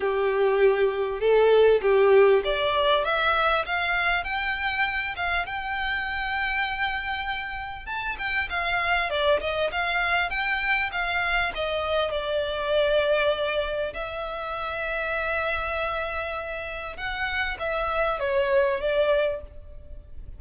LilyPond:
\new Staff \with { instrumentName = "violin" } { \time 4/4 \tempo 4 = 99 g'2 a'4 g'4 | d''4 e''4 f''4 g''4~ | g''8 f''8 g''2.~ | g''4 a''8 g''8 f''4 d''8 dis''8 |
f''4 g''4 f''4 dis''4 | d''2. e''4~ | e''1 | fis''4 e''4 cis''4 d''4 | }